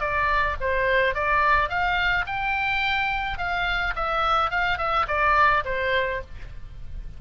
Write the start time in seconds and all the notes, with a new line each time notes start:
0.00 D5
0.60 C5
1.14 D5
1.69 F5
2.27 G5
3.38 F5
3.96 E5
4.50 F5
4.78 E5
5.07 D5
5.65 C5